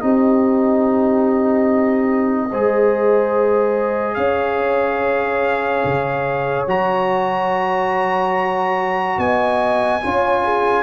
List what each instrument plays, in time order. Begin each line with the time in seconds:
0.00 tuba C4, trombone D#4, horn G4, trumpet D#5
2.51 tuba G#3, trombone G#4, horn C5
4.15 tuba C#4, horn C#5, trumpet F5
5.85 tuba C#3
6.68 tuba F#3, trombone F#4, trumpet A#5
9.18 tuba B3, horn D#5, trumpet G#5
10.02 tuba C#4, trombone F4, horn C#5
10.45 horn G#4